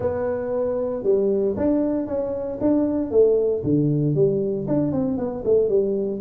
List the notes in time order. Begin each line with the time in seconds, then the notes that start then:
0.00 B3
1.03 G3
1.57 D4
2.07 C#4
2.60 D4
3.10 A3
3.63 D3
4.14 G3
4.67 D4
4.92 C4
5.17 B3
5.45 A3
5.68 G3